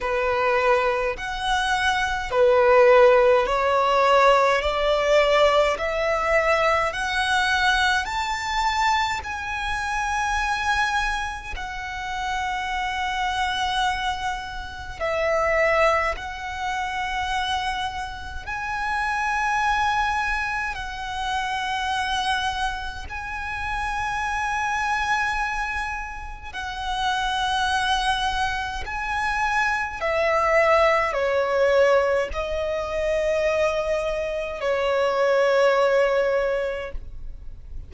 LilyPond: \new Staff \with { instrumentName = "violin" } { \time 4/4 \tempo 4 = 52 b'4 fis''4 b'4 cis''4 | d''4 e''4 fis''4 a''4 | gis''2 fis''2~ | fis''4 e''4 fis''2 |
gis''2 fis''2 | gis''2. fis''4~ | fis''4 gis''4 e''4 cis''4 | dis''2 cis''2 | }